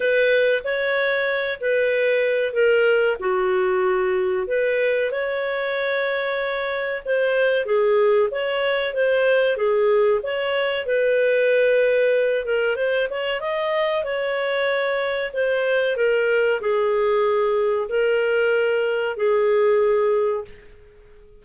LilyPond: \new Staff \with { instrumentName = "clarinet" } { \time 4/4 \tempo 4 = 94 b'4 cis''4. b'4. | ais'4 fis'2 b'4 | cis''2. c''4 | gis'4 cis''4 c''4 gis'4 |
cis''4 b'2~ b'8 ais'8 | c''8 cis''8 dis''4 cis''2 | c''4 ais'4 gis'2 | ais'2 gis'2 | }